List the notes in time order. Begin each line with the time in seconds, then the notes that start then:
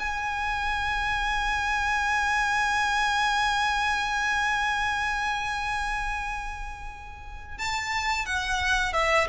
0.00 G#5
7.59 A5
8.26 F#5
8.93 E5